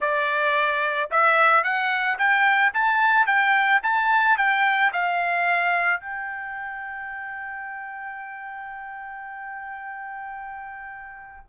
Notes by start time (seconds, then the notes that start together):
0.00 D5
1.10 E5
1.63 F#5
2.18 G5
2.73 A5
3.26 G5
3.83 A5
4.37 G5
4.92 F5
6.00 G5